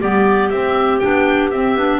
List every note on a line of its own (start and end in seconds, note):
0.00 0.51 G3
0.00 0.52 B3
0.00 1.99 G4
0.00 0.49 D5
0.49 1.01 C4
0.49 0.99 E5
0.99 1.52 B3
0.99 1.51 D4
0.99 1.49 G5
1.50 1.75 C4
1.50 1.77 C4
1.50 1.99 E5
1.75 1.99 B3
1.75 1.99 D4